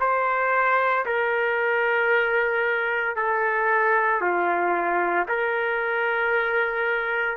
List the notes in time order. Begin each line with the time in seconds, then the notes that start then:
0.00 C5
1.05 A#4
3.16 A4
4.21 F4
5.28 A#4